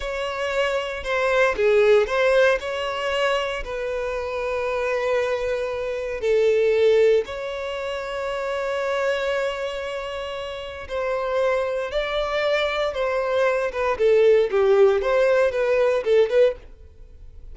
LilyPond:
\new Staff \with { instrumentName = "violin" } { \time 4/4 \tempo 4 = 116 cis''2 c''4 gis'4 | c''4 cis''2 b'4~ | b'1 | a'2 cis''2~ |
cis''1~ | cis''4 c''2 d''4~ | d''4 c''4. b'8 a'4 | g'4 c''4 b'4 a'8 b'8 | }